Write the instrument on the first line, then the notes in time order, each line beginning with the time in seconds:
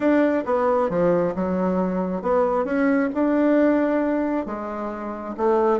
bassoon
0.00 D4
0.45 B3
0.89 F3
1.35 F#3
2.22 B3
2.64 C#4
3.14 D4
4.46 G#3
5.37 A3